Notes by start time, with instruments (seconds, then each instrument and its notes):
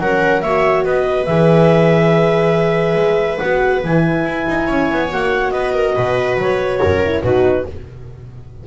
0.00 double bass F#3, horn C#4, viola A#4, clarinet F#5
0.42 double bass A#3, horn F#4, viola C#5, clarinet E5
0.84 double bass B3, viola B4, clarinet D#5
1.25 double bass E3, horn G#4, clarinet E5
2.96 double bass G#3
3.38 double bass B3, horn F#4, clarinet F#5
3.84 double bass E3, horn E4, clarinet G#5
4.25 double bass E4
4.48 double bass D#4
4.67 double bass C#4, viola C#5
4.92 double bass B3
5.11 double bass A#3, horn F#4, clarinet F#5
5.51 double bass B3, viola B4, clarinet D#5
5.74 viola A#4
5.96 double bass B2, viola B4
6.38 double bass F#3, clarinet C#5
6.80 double bass F#2, viola A#4
7.05 horn E4
7.23 double bass B2, horn D#4, viola F#4, clarinet B4